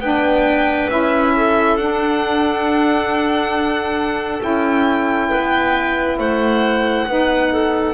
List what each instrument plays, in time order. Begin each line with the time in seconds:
0.00 double bass B3, saxophone D4, clarinet B4, violin G5
0.90 double bass C#4, saxophone E4, violin E5
1.36 clarinet A4
1.77 double bass D4, saxophone D4, violin F#5
4.42 double bass C#4, saxophone E4, violin G5
5.29 double bass B3, clarinet B4
6.18 double bass A3, clarinet C5, violin F#5
7.07 double bass B3, saxophone D#4, clarinet B4
7.53 clarinet A4